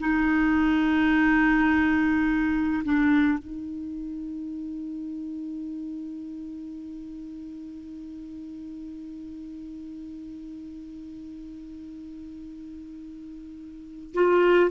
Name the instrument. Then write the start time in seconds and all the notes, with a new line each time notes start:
clarinet
0.00 D#4
2.84 D4
3.38 D#4
14.14 F4